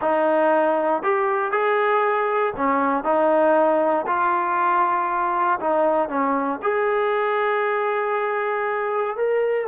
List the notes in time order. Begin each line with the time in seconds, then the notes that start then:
0.01 D#4
1.02 G4
1.51 G#4
2.56 C#4
3.03 D#4
4.07 F4
5.59 D#4
6.09 C#4
6.62 G#4
9.16 A#4